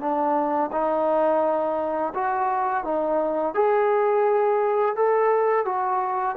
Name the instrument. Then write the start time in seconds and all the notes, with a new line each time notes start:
trombone
0.00 D4
0.73 D#4
2.15 F#4
2.84 D#4
3.55 G#4
4.96 A4
5.65 F#4